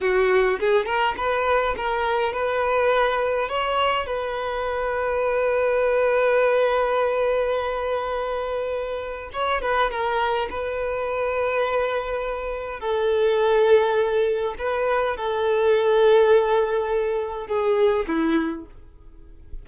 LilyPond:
\new Staff \with { instrumentName = "violin" } { \time 4/4 \tempo 4 = 103 fis'4 gis'8 ais'8 b'4 ais'4 | b'2 cis''4 b'4~ | b'1~ | b'1 |
cis''8 b'8 ais'4 b'2~ | b'2 a'2~ | a'4 b'4 a'2~ | a'2 gis'4 e'4 | }